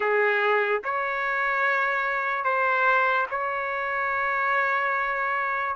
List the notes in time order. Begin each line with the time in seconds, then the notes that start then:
0.00 G#4
0.84 C#5
2.44 C5
3.30 C#5